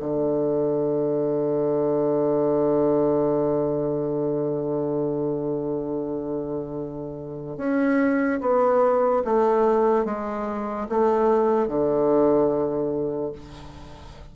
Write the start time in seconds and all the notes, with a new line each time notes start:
0.00 D3
7.58 C#4
8.41 B3
9.25 A3
10.05 G#3
10.89 A3
11.68 D3